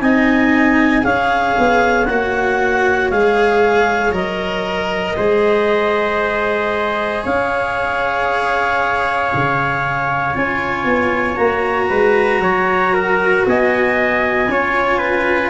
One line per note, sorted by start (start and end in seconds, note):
0.00 1.03 C4
0.00 1.02 D#4
0.00 1.04 D#5
0.00 1.04 G#5
1.02 1.55 C#4
1.02 2.05 G#4
1.02 5.16 C#5
1.02 2.05 F5
1.58 2.08 B3
2.05 3.11 A#3
2.05 3.12 F#4
2.05 3.08 F#5
3.10 4.11 G#3
3.10 4.12 G#4
3.10 4.13 F5
4.11 5.15 F#3
4.11 5.15 A#4
4.11 7.24 D#5
5.16 7.24 G#3
5.16 10.33 G#4
5.16 7.22 C5
7.22 9.32 C#4
7.22 11.88 C#5
7.22 10.35 F5
9.34 10.35 C#3
10.34 10.84 C#4
10.34 11.36 F4
10.34 11.36 G#5
10.84 11.36 B3
11.36 11.89 A#3
11.36 14.47 F#4
11.36 13.43 A#5
11.89 12.39 G#3
11.89 12.40 B4
12.39 13.42 F#3
12.39 12.93 C#5
12.93 13.45 A#4
13.46 14.48 B3
13.46 14.51 D#5
13.46 15.50 G#5
14.48 15.50 C#4
14.48 15.50 F4
14.48 14.98 C#5
14.98 15.49 B4